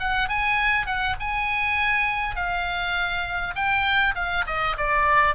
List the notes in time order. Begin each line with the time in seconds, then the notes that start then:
0.00 F#5
0.29 G#5
0.86 F#5
1.20 G#5
2.36 F5
3.55 G5
4.15 F5
4.47 D#5
4.78 D5